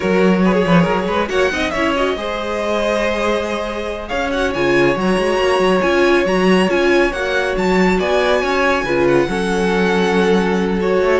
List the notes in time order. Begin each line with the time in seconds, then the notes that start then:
0.00 F#3 F#4 A#4 C#5
0.44 G#4 B4
0.54 G#4
0.64 F3 B4
0.82 F#3 A#4
1.07 G#3 B4
1.28 A#3 F#4 C#5 F#5
1.51 C4 D#4 D#5
1.70 C#4 C#5 E5
1.76 E4
1.96 F#4 D#5
2.16 G#3 G#4 C5
4.08 C#4 C#5 F5
4.31 F#4 F#5
4.53 C#3 F4 G#5
4.94 F#3 F#4 A#5
5.17 G#3
5.38 A#3
5.58 F#3
5.81 C#4 F4 G#5
6.25 F#3 F#4 A#5
6.68 C#4 F4 G#5
7.12 A#3 F#4 F#5
7.56 F#3 A5
7.99 B3 D5 G#5
8.41 C#4 C#5
8.83 C#3 F4 B4
9.07 F#5
9.28 F#3 C#4 A4
10.81 F#4 C#5
11.00 A3